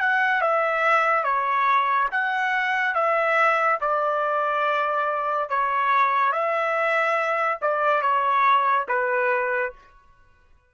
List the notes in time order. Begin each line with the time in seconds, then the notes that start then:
0.00 F#5
0.41 E5
1.24 C#5
2.11 F#5
2.95 E5
3.80 D5
5.49 C#5
6.32 E5
7.61 D5
8.02 C#5
8.88 B4